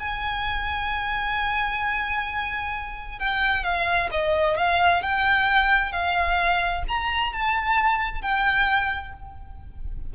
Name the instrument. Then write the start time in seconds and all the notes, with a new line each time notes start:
violin
0.00 G#5
3.19 G5
3.64 F5
4.12 D#5
4.58 F5
5.03 G5
5.92 F5
6.88 A#5
7.33 A5
8.22 G5